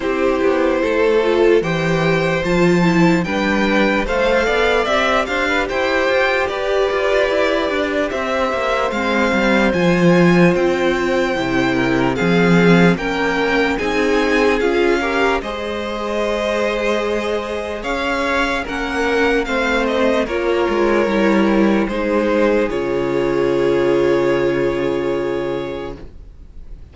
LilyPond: <<
  \new Staff \with { instrumentName = "violin" } { \time 4/4 \tempo 4 = 74 c''2 g''4 a''4 | g''4 f''4 e''8 f''8 g''4 | d''2 e''4 f''4 | gis''4 g''2 f''4 |
g''4 gis''4 f''4 dis''4~ | dis''2 f''4 fis''4 | f''8 dis''8 cis''2 c''4 | cis''1 | }
  \new Staff \with { instrumentName = "violin" } { \time 4/4 g'4 a'4 c''2 | b'4 c''8 d''4 c''16 b'16 c''4 | b'2 c''2~ | c''2~ c''8 ais'8 gis'4 |
ais'4 gis'4. ais'8 c''4~ | c''2 cis''4 ais'4 | c''4 ais'2 gis'4~ | gis'1 | }
  \new Staff \with { instrumentName = "viola" } { \time 4/4 e'4. f'8 g'4 f'8 e'8 | d'4 a'4 g'2~ | g'2. c'4 | f'2 e'4 c'4 |
cis'4 dis'4 f'8 g'8 gis'4~ | gis'2. cis'4 | c'4 f'4 e'4 dis'4 | f'1 | }
  \new Staff \with { instrumentName = "cello" } { \time 4/4 c'8 b8 a4 e4 f4 | g4 a8 b8 c'8 d'8 e'8 f'8 | g'8 f'8 e'8 d'8 c'8 ais8 gis8 g8 | f4 c'4 c4 f4 |
ais4 c'4 cis'4 gis4~ | gis2 cis'4 ais4 | a4 ais8 gis8 g4 gis4 | cis1 | }
>>